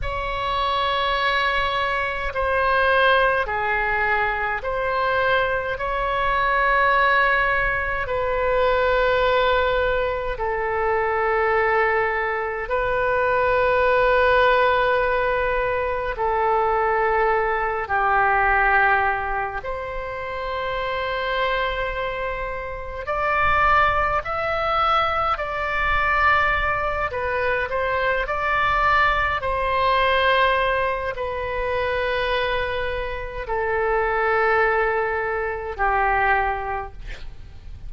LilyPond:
\new Staff \with { instrumentName = "oboe" } { \time 4/4 \tempo 4 = 52 cis''2 c''4 gis'4 | c''4 cis''2 b'4~ | b'4 a'2 b'4~ | b'2 a'4. g'8~ |
g'4 c''2. | d''4 e''4 d''4. b'8 | c''8 d''4 c''4. b'4~ | b'4 a'2 g'4 | }